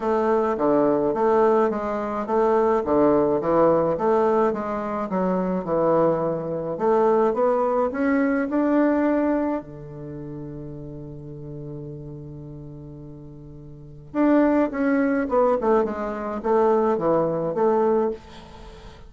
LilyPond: \new Staff \with { instrumentName = "bassoon" } { \time 4/4 \tempo 4 = 106 a4 d4 a4 gis4 | a4 d4 e4 a4 | gis4 fis4 e2 | a4 b4 cis'4 d'4~ |
d'4 d2.~ | d1~ | d4 d'4 cis'4 b8 a8 | gis4 a4 e4 a4 | }